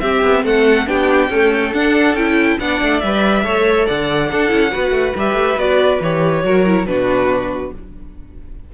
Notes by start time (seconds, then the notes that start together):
0.00 C4 G4 E5
0.23 B3
0.44 A3 A4 F#5
0.87 B3 D4 G4 G5
1.30 A3 C#4 A4
1.74 D4 F#5
2.14 C#4 E4 G5
2.60 B3 D4 D5 F#5
2.82 A3
3.00 G3 B4 E5
3.44 A3 A4 C#5
3.87 D3 D5 F#5
4.30 D4 A4
4.48 C#4 E4
4.72 B3 F#4 B4
4.91 A3
5.16 G3 G4 E5
5.34 A3
5.57 B3 F#4 D5
6.01 E3 G4 C#5
6.44 F#3 F#4 A#4
6.66 E4
6.86 B2 D4 F#4 B4